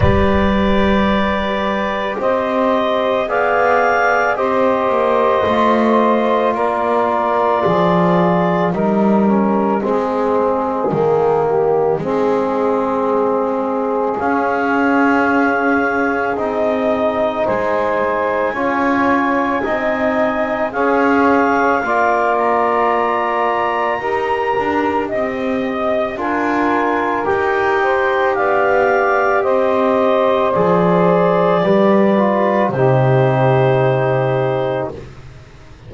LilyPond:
<<
  \new Staff \with { instrumentName = "clarinet" } { \time 4/4 \tempo 4 = 55 d''2 dis''4 f''4 | dis''2 d''2 | dis''1~ | dis''4 f''2 dis''4 |
gis''2. f''4~ | f''8 ais''2~ ais''8 dis''4 | gis''4 g''4 f''4 dis''4 | d''2 c''2 | }
  \new Staff \with { instrumentName = "saxophone" } { \time 4/4 b'2 c''4 d''4 | c''2 ais'4 gis'4 | ais'4 gis'4. g'8 gis'4~ | gis'1 |
c''4 cis''4 dis''4 cis''4 | d''2 ais'4 dis''4 | ais'4. c''8 d''4 c''4~ | c''4 b'4 g'2 | }
  \new Staff \with { instrumentName = "trombone" } { \time 4/4 g'2. gis'4 | g'4 f'2. | dis'8 cis'8 c'4 ais4 c'4~ | c'4 cis'2 dis'4~ |
dis'4 f'4 dis'4 gis'4 | f'2 g'2 | f'4 g'2. | gis'4 g'8 f'8 dis'2 | }
  \new Staff \with { instrumentName = "double bass" } { \time 4/4 g2 c'4 b4 | c'8 ais8 a4 ais4 f4 | g4 gis4 dis4 gis4~ | gis4 cis'2 c'4 |
gis4 cis'4 c'4 cis'4 | ais2 dis'8 d'8 c'4 | d'4 dis'4 b4 c'4 | f4 g4 c2 | }
>>